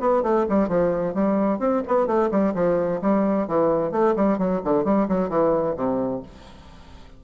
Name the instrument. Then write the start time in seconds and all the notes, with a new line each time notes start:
bassoon
0.00 B3
0.23 A3
0.49 G3
0.68 F3
1.14 G3
1.59 C4
1.87 B3
2.07 A3
2.31 G3
2.54 F3
3.01 G3
3.47 E3
3.92 A3
4.16 G3
4.38 F#3
4.64 D3
4.85 G3
5.08 F#3
5.29 E3
5.76 C3